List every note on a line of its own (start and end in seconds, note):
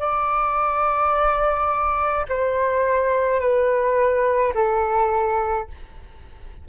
0.00 2.26 D5
2.30 3.41 C5
3.41 4.54 B4
4.55 5.68 A4